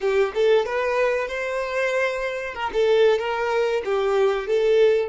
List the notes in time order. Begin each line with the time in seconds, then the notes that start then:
0.01 G4
0.34 A4
0.65 B4
1.28 C5
2.54 A#4
2.73 A4
3.18 A#4
3.84 G4
4.47 A4